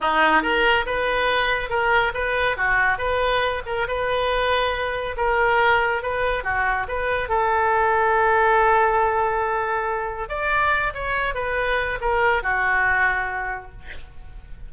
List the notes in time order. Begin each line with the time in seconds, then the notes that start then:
0.00 D#4
0.42 A#4
0.86 B4
1.69 A#4
2.14 B4
2.56 F#4
2.98 B4
3.65 A#4
3.87 B4
5.16 A#4
6.02 B4
6.43 F#4
6.88 B4
7.28 A4
10.28 D5
10.94 C#5
11.34 B4
12.00 A#4
12.42 F#4